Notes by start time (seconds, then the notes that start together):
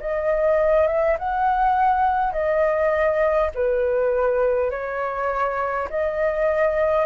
0.00 D#5
0.87 E5
1.18 F#5
2.32 D#5
3.55 B4
4.70 C#5
5.89 D#5